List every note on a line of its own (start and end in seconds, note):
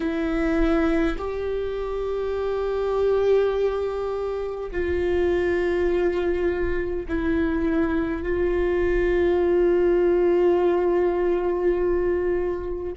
0.00 1.17 E4
1.18 4.71 G4
4.71 7.06 F4
7.08 8.22 E4
8.22 12.93 F4